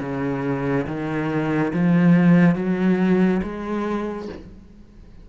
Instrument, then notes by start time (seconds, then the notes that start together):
cello
0.00 C#3
0.86 D#3
1.73 F3
2.55 F#3
3.42 G#3